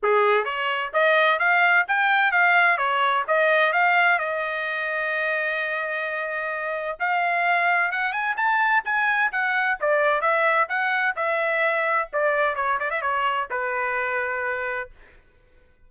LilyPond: \new Staff \with { instrumentName = "trumpet" } { \time 4/4 \tempo 4 = 129 gis'4 cis''4 dis''4 f''4 | g''4 f''4 cis''4 dis''4 | f''4 dis''2.~ | dis''2. f''4~ |
f''4 fis''8 gis''8 a''4 gis''4 | fis''4 d''4 e''4 fis''4 | e''2 d''4 cis''8 d''16 e''16 | cis''4 b'2. | }